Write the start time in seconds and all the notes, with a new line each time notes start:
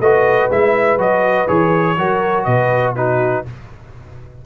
0.00 A3 F#4 B4 D#5
0.50 G#3 E4 E5
0.97 F#3 F#4 D#5
1.48 E3 G#4 C#5
1.97 F#3 F#4 A#4
2.44 B2 B4 D#5
2.95 D#4 F#4 B4